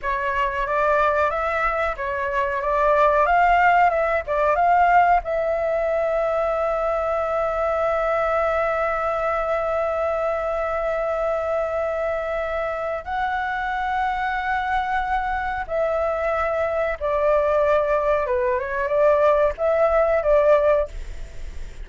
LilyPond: \new Staff \with { instrumentName = "flute" } { \time 4/4 \tempo 4 = 92 cis''4 d''4 e''4 cis''4 | d''4 f''4 e''8 d''8 f''4 | e''1~ | e''1~ |
e''1 | fis''1 | e''2 d''2 | b'8 cis''8 d''4 e''4 d''4 | }